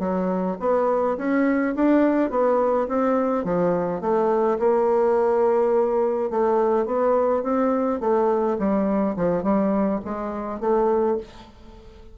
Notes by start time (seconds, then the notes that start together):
0.00 F#3
0.60 B3
1.18 C#4
1.76 D4
2.31 B3
2.89 C4
3.45 F3
4.01 A3
4.59 A#3
6.31 A3
6.86 B3
7.43 C4
8.01 A3
8.59 G3
9.16 F3
9.43 G3
10.05 G#3
10.61 A3